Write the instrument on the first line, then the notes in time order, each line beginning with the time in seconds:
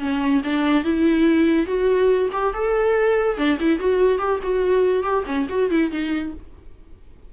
viola
0.00 C#4
0.44 D4
0.84 E4
1.67 F#4
2.33 G4
2.54 A4
3.38 D4
3.60 E4
3.80 F#4
4.19 G4
4.43 F#4
5.03 G4
5.27 C#4
5.50 F#4
5.71 E4
5.92 D#4